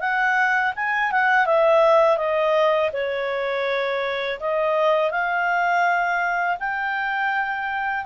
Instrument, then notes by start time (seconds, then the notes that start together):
clarinet
0.00 F#5
0.75 G#5
1.11 F#5
1.46 E5
2.17 D#5
2.92 C#5
4.40 D#5
5.11 F5
6.59 G5